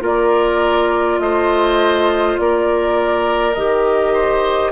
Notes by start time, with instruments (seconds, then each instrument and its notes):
0.00 bassoon A#3, clarinet F4, oboe A#4, flute D5
1.19 bassoon A3, oboe C5, flute D#5
2.38 bassoon A#3, oboe A#4, flute D5
3.54 bassoon D#3, clarinet G4, flute D#5
4.13 oboe C5